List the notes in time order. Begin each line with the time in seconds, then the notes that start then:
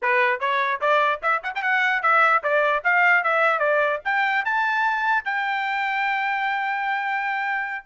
0.02 B4
0.40 C#5
0.80 D5
1.22 E5
1.43 F#5
1.55 G5
1.62 F#5
2.02 E5
2.43 D5
2.84 F5
3.23 E5
3.59 D5
4.04 G5
4.44 A5
5.25 G5